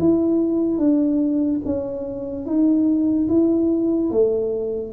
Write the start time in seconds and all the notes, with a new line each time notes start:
0.00 E4
0.78 D4
1.66 C#4
2.46 D#4
3.29 E4
4.11 A3